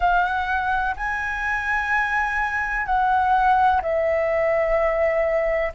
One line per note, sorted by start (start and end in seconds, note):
0.00 0.95 F#5
0.96 2.86 G#5
2.86 3.81 F#5
3.81 5.72 E5